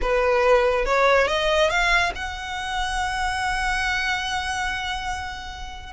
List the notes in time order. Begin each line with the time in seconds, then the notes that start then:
0.01 B4
0.85 C#5
1.27 D#5
1.69 F5
2.15 F#5